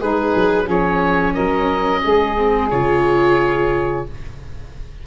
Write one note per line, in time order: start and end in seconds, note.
0.00 0.35 G#3
0.00 0.65 D#4
0.00 0.67 G#4
0.00 0.69 B4
0.36 0.68 F#3
0.65 1.35 F3
0.65 2.36 C#4
0.65 1.32 G#4
0.65 1.34 C#5
1.34 2.04 F#3
1.34 2.02 A#4
1.34 2.69 D#5
2.04 2.72 G#3
2.04 4.06 G#4
2.37 2.71 C4
2.70 4.06 C#3
2.70 4.06 F4
2.70 4.05 C#5